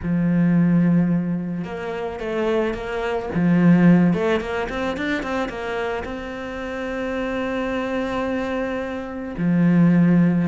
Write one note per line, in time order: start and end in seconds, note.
0.02 1.64 F3
1.64 2.19 A#3
2.19 2.74 A3
2.74 3.29 A#3
3.34 4.13 F3
4.13 4.40 A3
4.40 4.68 A#3
4.69 4.96 C4
4.96 5.22 D4
5.22 5.48 C4
5.48 6.03 A#3
6.04 9.35 C4
9.37 10.47 F3